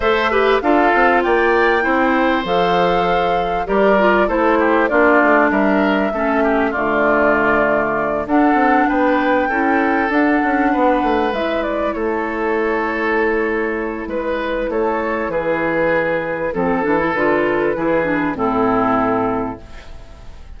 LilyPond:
<<
  \new Staff \with { instrumentName = "flute" } { \time 4/4 \tempo 4 = 98 e''4 f''4 g''2 | f''2 d''4 c''4 | d''4 e''2 d''4~ | d''4. fis''4 g''4.~ |
g''8 fis''2 e''8 d''8 cis''8~ | cis''2. b'4 | cis''4 b'2 a'4 | b'2 a'2 | }
  \new Staff \with { instrumentName = "oboe" } { \time 4/4 c''8 b'8 a'4 d''4 c''4~ | c''2 ais'4 a'8 g'8 | f'4 ais'4 a'8 g'8 f'4~ | f'4. a'4 b'4 a'8~ |
a'4. b'2 a'8~ | a'2. b'4 | a'4 gis'2 a'4~ | a'4 gis'4 e'2 | }
  \new Staff \with { instrumentName = "clarinet" } { \time 4/4 a'8 g'8 f'2 e'4 | a'2 g'8 f'8 e'4 | d'2 cis'4 a4~ | a4. d'2 e'8~ |
e'8 d'2 e'4.~ | e'1~ | e'2. c'8 d'16 e'16 | f'4 e'8 d'8 c'2 | }
  \new Staff \with { instrumentName = "bassoon" } { \time 4/4 a4 d'8 c'8 ais4 c'4 | f2 g4 a4 | ais8 a8 g4 a4 d4~ | d4. d'8 c'8 b4 cis'8~ |
cis'8 d'8 cis'8 b8 a8 gis4 a8~ | a2. gis4 | a4 e2 f8 e8 | d4 e4 a,2 | }
>>